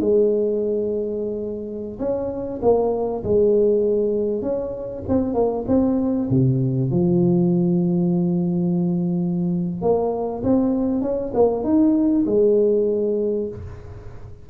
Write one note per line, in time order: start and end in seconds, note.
0.00 1.99 G#3
2.00 2.61 C#4
2.62 3.24 A#3
3.24 4.42 G#3
4.42 5.03 C#4
5.09 5.34 C4
5.34 5.65 A#3
5.68 6.29 C4
6.30 6.91 C3
6.91 9.82 F3
9.82 10.43 A#3
10.44 11.02 C4
11.02 11.32 C#4
11.34 11.64 A#3
11.64 12.25 D#4
12.26 13.49 G#3